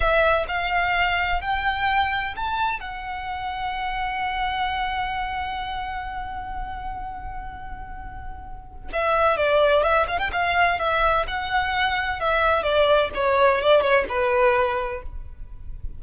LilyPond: \new Staff \with { instrumentName = "violin" } { \time 4/4 \tempo 4 = 128 e''4 f''2 g''4~ | g''4 a''4 fis''2~ | fis''1~ | fis''1~ |
fis''2. e''4 | d''4 e''8 f''16 g''16 f''4 e''4 | fis''2 e''4 d''4 | cis''4 d''8 cis''8 b'2 | }